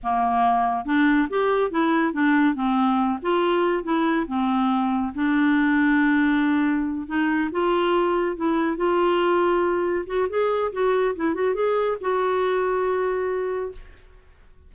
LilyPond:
\new Staff \with { instrumentName = "clarinet" } { \time 4/4 \tempo 4 = 140 ais2 d'4 g'4 | e'4 d'4 c'4. f'8~ | f'4 e'4 c'2 | d'1~ |
d'8 dis'4 f'2 e'8~ | e'8 f'2. fis'8 | gis'4 fis'4 e'8 fis'8 gis'4 | fis'1 | }